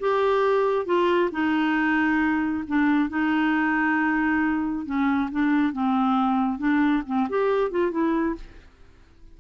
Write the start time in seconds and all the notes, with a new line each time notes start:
0.00 G4
0.86 F4
1.32 D#4
2.68 D4
3.09 D#4
4.86 C#4
5.31 D4
5.73 C4
6.59 D4
7.06 C4
7.29 G4
7.71 F4
7.91 E4